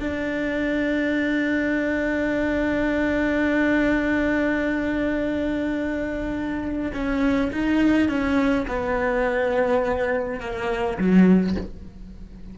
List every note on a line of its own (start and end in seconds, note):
0.00 6.92 D4
6.94 7.51 C#4
7.52 8.08 D#4
8.08 8.66 C#4
8.67 10.40 B3
10.40 10.98 A#3
10.98 11.56 F#3